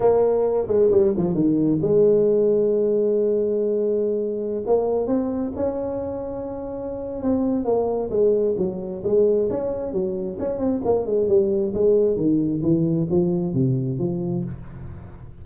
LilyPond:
\new Staff \with { instrumentName = "tuba" } { \time 4/4 \tempo 4 = 133 ais4. gis8 g8 f8 dis4 | gis1~ | gis2~ gis16 ais4 c'8.~ | c'16 cis'2.~ cis'8. |
c'4 ais4 gis4 fis4 | gis4 cis'4 fis4 cis'8 c'8 | ais8 gis8 g4 gis4 dis4 | e4 f4 c4 f4 | }